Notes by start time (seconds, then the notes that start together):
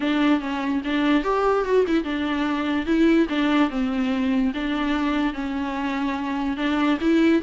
0.00 D4
0.40 C#4
0.84 D4
1.23 G4
1.64 F#4
1.87 E4
2.03 D4
2.86 E4
3.29 D4
3.70 C4
4.54 D4
5.33 C#4
6.57 D4
7.00 E4